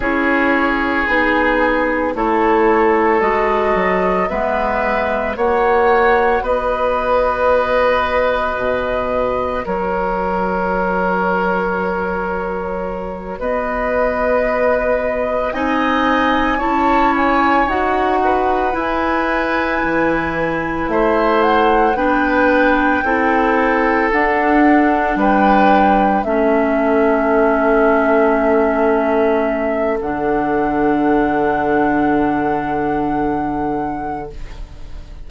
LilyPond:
<<
  \new Staff \with { instrumentName = "flute" } { \time 4/4 \tempo 4 = 56 cis''4 gis'4 cis''4 dis''4 | e''4 fis''4 dis''2~ | dis''4 cis''2.~ | cis''8 dis''2 gis''4 a''8 |
gis''8 fis''4 gis''2 e''8 | fis''8 g''2 fis''4 g''8~ | g''8 e''2.~ e''8 | fis''1 | }
  \new Staff \with { instrumentName = "oboe" } { \time 4/4 gis'2 a'2 | b'4 cis''4 b'2~ | b'4 ais'2.~ | ais'8 b'2 dis''4 cis''8~ |
cis''4 b'2~ b'8 c''8~ | c''8 b'4 a'2 b'8~ | b'8 a'2.~ a'8~ | a'1 | }
  \new Staff \with { instrumentName = "clarinet" } { \time 4/4 e'4 dis'4 e'4 fis'4 | b4 fis'2.~ | fis'1~ | fis'2~ fis'8 dis'4 e'8~ |
e'8 fis'4 e'2~ e'8~ | e'8 d'4 e'4 d'4.~ | d'8 cis'2.~ cis'8 | d'1 | }
  \new Staff \with { instrumentName = "bassoon" } { \time 4/4 cis'4 b4 a4 gis8 fis8 | gis4 ais4 b2 | b,4 fis2.~ | fis8 b2 c'4 cis'8~ |
cis'8 dis'4 e'4 e4 a8~ | a8 b4 c'4 d'4 g8~ | g8 a2.~ a8 | d1 | }
>>